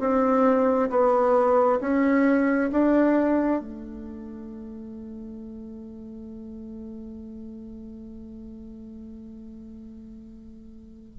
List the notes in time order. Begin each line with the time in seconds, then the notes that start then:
0.00 C4
0.90 B3
1.81 C#4
2.72 D4
3.61 A3